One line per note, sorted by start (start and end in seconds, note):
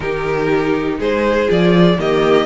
0.00 0.98 D#3
0.00 1.47 D#4
0.00 0.98 G4
0.00 0.97 A#4
0.98 1.48 G#3
0.98 1.97 G#4
0.98 1.50 C5
1.47 1.97 F3
1.47 1.97 F4
1.47 2.00 D5
1.97 2.45 D#3
1.97 2.45 A#3
1.97 2.45 G4
1.97 2.45 D#5